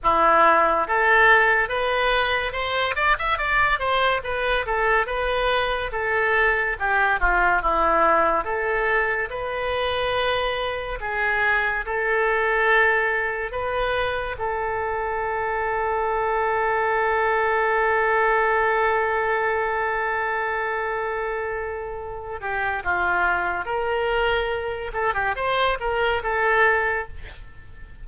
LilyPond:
\new Staff \with { instrumentName = "oboe" } { \time 4/4 \tempo 4 = 71 e'4 a'4 b'4 c''8 d''16 e''16 | d''8 c''8 b'8 a'8 b'4 a'4 | g'8 f'8 e'4 a'4 b'4~ | b'4 gis'4 a'2 |
b'4 a'2.~ | a'1~ | a'2~ a'8 g'8 f'4 | ais'4. a'16 g'16 c''8 ais'8 a'4 | }